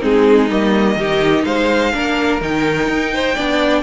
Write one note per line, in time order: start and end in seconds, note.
0.00 0.51 G#3
0.00 0.48 C4
0.00 0.97 D#4
0.00 0.51 G#4
0.51 0.96 G3
0.51 0.99 A#3
0.51 1.45 D#5
0.96 1.44 D#3
0.96 1.93 D#4
0.96 1.46 G4
1.45 1.94 G#3
1.45 1.94 C5
1.45 2.41 F5
1.93 2.41 A#3
1.93 2.41 D4
1.93 3.14 A#4
2.41 2.89 D#3
2.41 3.38 D#4
2.41 3.83 G5
2.89 3.37 D#4
3.14 3.36 C5
3.36 3.83 B3
3.36 3.83 D4
3.36 3.83 D5